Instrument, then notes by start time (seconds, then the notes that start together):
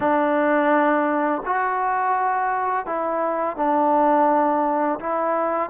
trombone
0.00 D4
1.45 F#4
2.85 E4
3.56 D4
4.99 E4